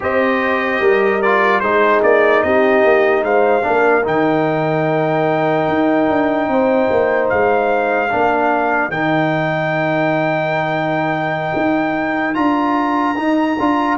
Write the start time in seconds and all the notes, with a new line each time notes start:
0.00 C4 G4 C5 D#5
0.80 G3 A#4
1.22 F4 D5
1.60 G#3 D#4 G#4 C5
2.02 A#3 D5
2.42 C4 G4 D#5
2.84 A#3
3.22 G#3 C5 F5
3.62 A#3 D4 A#4
4.03 D#3 D#4 G5
5.68 D#4
6.09 D4
6.47 C4 C5
6.91 A#3
7.29 G#3 F5
8.09 A#3 D4 A#4
8.89 D#3 D#4 G5
11.56 D#4
12.34 D4 F4 A#5
13.16 D#4
13.59 D4 F4